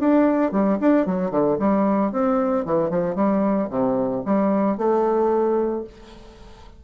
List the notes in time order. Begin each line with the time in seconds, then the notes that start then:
0.00 D4
0.52 G3
0.81 D4
1.06 F#3
1.31 D3
1.60 G3
2.12 C4
2.65 E3
2.90 F3
3.16 G3
3.70 C3
4.26 G3
4.78 A3